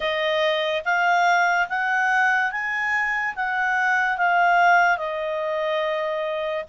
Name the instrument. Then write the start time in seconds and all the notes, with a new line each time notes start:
clarinet
0.00 D#5
0.84 F5
1.68 F#5
2.51 G#5
3.35 F#5
4.17 F5
4.97 D#5